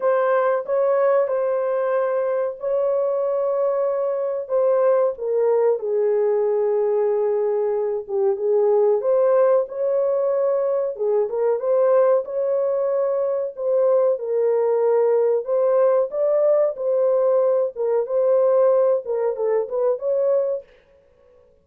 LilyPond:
\new Staff \with { instrumentName = "horn" } { \time 4/4 \tempo 4 = 93 c''4 cis''4 c''2 | cis''2. c''4 | ais'4 gis'2.~ | gis'8 g'8 gis'4 c''4 cis''4~ |
cis''4 gis'8 ais'8 c''4 cis''4~ | cis''4 c''4 ais'2 | c''4 d''4 c''4. ais'8 | c''4. ais'8 a'8 b'8 cis''4 | }